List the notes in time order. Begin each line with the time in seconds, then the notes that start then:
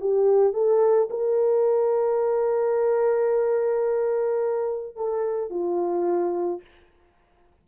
0.00 G4
0.53 A4
1.10 A#4
4.96 A4
5.50 F4